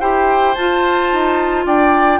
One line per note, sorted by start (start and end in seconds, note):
0.00 0.56 E4
0.00 0.55 G4
0.00 1.65 C5
0.00 0.55 G5
0.55 1.12 F4
0.55 2.20 F4
0.55 1.65 A5
1.12 1.66 D#4
1.66 2.20 D4
1.66 2.20 D5
1.66 2.20 G5